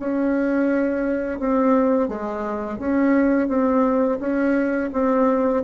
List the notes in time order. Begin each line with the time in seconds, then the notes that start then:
0.00 C#4
1.40 C4
2.09 G#3
2.79 C#4
3.48 C4
4.20 C#4
4.93 C4